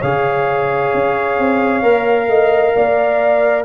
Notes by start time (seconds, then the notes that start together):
0.00 C#3 G#4 C#5 F5
0.94 C#4
1.39 C4
1.83 A#3 A#4
2.28 A3 D#5
2.76 A#3 D5